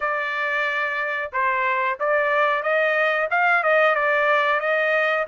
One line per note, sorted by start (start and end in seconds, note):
0.00 1.31 D5
1.32 1.98 C5
1.99 2.62 D5
2.62 3.28 D#5
3.30 3.63 F5
3.63 3.95 D#5
3.95 4.60 D5
4.60 5.26 D#5